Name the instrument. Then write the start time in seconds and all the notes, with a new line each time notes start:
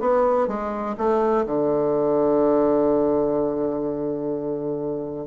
bassoon
0.00 B3
0.48 G#3
0.98 A3
1.46 D3